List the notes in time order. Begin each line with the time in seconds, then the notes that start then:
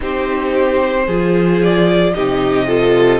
0.00 C4 D#4 G4 C5
1.06 F3 F4 G#4
1.62 D5
2.14 C3 D#4 G4 D#5
2.67 F4 A4